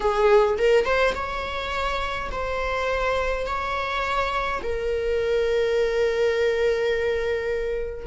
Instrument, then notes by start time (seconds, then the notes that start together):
viola
0.00 G#4
0.57 A#4
0.85 C5
1.14 C#5
2.31 C5
3.46 C#5
4.62 A#4